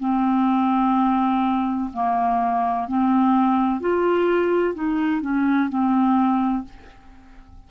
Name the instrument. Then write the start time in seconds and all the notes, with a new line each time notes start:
clarinet
0.00 C4
1.94 A#3
2.88 C4
3.81 F4
4.75 D#4
5.22 C#4
5.69 C4